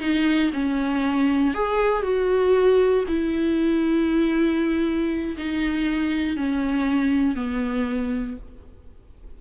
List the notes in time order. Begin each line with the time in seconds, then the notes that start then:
0.00 D#4
0.53 C#4
1.54 G#4
2.02 F#4
3.08 E4
5.37 D#4
6.37 C#4
7.35 B3